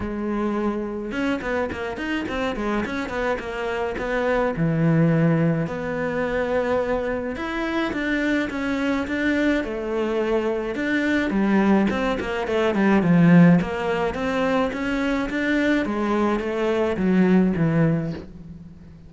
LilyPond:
\new Staff \with { instrumentName = "cello" } { \time 4/4 \tempo 4 = 106 gis2 cis'8 b8 ais8 dis'8 | c'8 gis8 cis'8 b8 ais4 b4 | e2 b2~ | b4 e'4 d'4 cis'4 |
d'4 a2 d'4 | g4 c'8 ais8 a8 g8 f4 | ais4 c'4 cis'4 d'4 | gis4 a4 fis4 e4 | }